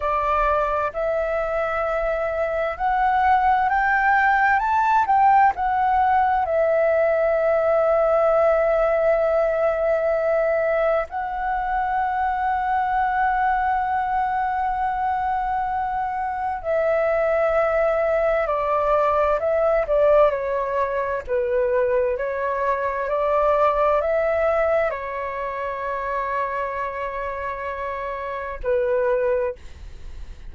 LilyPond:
\new Staff \with { instrumentName = "flute" } { \time 4/4 \tempo 4 = 65 d''4 e''2 fis''4 | g''4 a''8 g''8 fis''4 e''4~ | e''1 | fis''1~ |
fis''2 e''2 | d''4 e''8 d''8 cis''4 b'4 | cis''4 d''4 e''4 cis''4~ | cis''2. b'4 | }